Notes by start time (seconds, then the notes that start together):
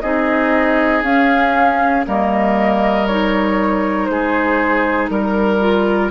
0.00 C4 D#4 G#4 D#5
1.02 C#4 F5
2.04 G3 A#3 A#4 D#5
3.07 D#4 C#5
4.05 G#3 G#4 C5
5.09 G3 A#4
5.60 F4